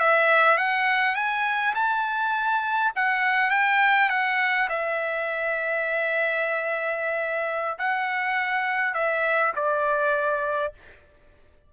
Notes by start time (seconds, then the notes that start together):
0.00 E5
0.58 F#5
1.16 G#5
1.75 A5
2.96 F#5
3.51 G5
4.10 F#5
4.70 E5
7.79 F#5
8.94 E5
9.56 D5